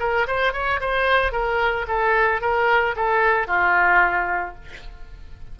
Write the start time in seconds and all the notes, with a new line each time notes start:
0.00 A#4
0.28 C5
0.53 C#5
0.81 C5
1.32 A#4
1.88 A4
2.42 A#4
2.96 A4
3.47 F4